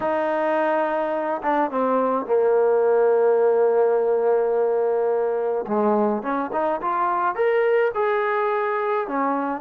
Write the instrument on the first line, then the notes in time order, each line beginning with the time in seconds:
trombone
0.00 D#4
1.42 D4
1.70 C4
2.26 A#3
5.67 G#3
6.22 C#4
6.52 D#4
6.81 F4
7.35 A#4
7.94 G#4
9.07 C#4